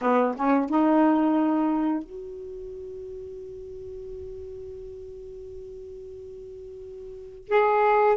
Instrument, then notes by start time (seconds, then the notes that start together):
saxophone
0.01 B3
0.36 C#4
0.69 D#4
2.03 F#4
7.48 G#4